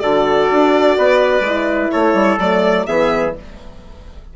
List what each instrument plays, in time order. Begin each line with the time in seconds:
0.00 bassoon D3, horn F#4, trumpet A4, violin D5
0.51 bassoon D4
0.98 bassoon B3, trumpet B4
1.40 bassoon G#3, horn E4
1.91 bassoon A3, trumpet A4, violin C#5
2.13 bassoon G3
2.38 bassoon F#3, horn A3, violin D5
2.86 bassoon E3, horn B3, trumpet G#4, violin E5